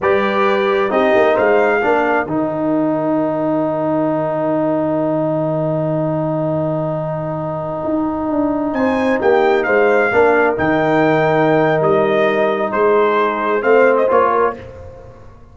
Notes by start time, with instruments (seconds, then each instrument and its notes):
0.00 tuba G3, trombone G4, horn B4, trumpet D5
0.90 tuba C4, trombone D#4, horn G4, trumpet D#5
1.14 tuba A#3
1.33 tuba G#3, horn C5, trumpet F5
1.79 tuba A#3, trombone D4, horn A#4
2.26 tuba D#3, trombone D#4, trumpet G5
7.84 tuba D#4
8.28 tuba D4
8.73 tuba C4, horn C5, trumpet G#5
9.20 tuba A#3, horn G4, trumpet G5
9.63 tuba G#3, horn C5, trumpet F5
10.12 tuba A#3, trombone D4, horn A#4
10.56 tuba D#3, trombone D#4, trumpet G5
11.80 tuba G3, trumpet D#5
12.72 tuba G#3, horn G#4, trumpet C5
13.61 tuba A3, trombone C4, horn C5, trumpet F5
13.97 trumpet D#5
14.08 tuba A#3, trombone F4, trumpet C#5
14.31 horn A#4